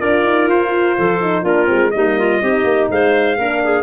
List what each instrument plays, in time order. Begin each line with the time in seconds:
0.00 tuba D4, horn F4, clarinet A#4, trumpet D5
0.24 tuba D#4
0.47 tuba F4, trumpet C5
0.98 tuba F3, clarinet A4
1.21 horn D#4
1.43 tuba A#3, horn D4, clarinet F4, trumpet A#4
1.66 tuba G#3, horn C4
1.91 tuba G3, horn A#3, clarinet D#4, trumpet D#5
2.19 clarinet F4
2.41 tuba C4, horn D#4, clarinet G4
2.64 tuba A#3
2.91 tuba G#3, clarinet C5, trumpet F5
3.38 tuba A#3, horn D4, clarinet A#4
3.64 clarinet G#4